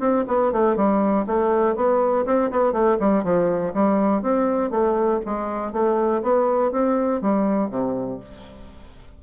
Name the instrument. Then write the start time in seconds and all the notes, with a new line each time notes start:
bassoon
0.00 C4
0.28 B3
0.53 A3
0.77 G3
1.27 A3
1.76 B3
2.26 C4
2.51 B3
2.73 A3
3.00 G3
3.24 F3
3.74 G3
4.23 C4
4.71 A3
5.26 G#3
5.73 A3
6.23 B3
6.72 C4
7.22 G3
7.71 C3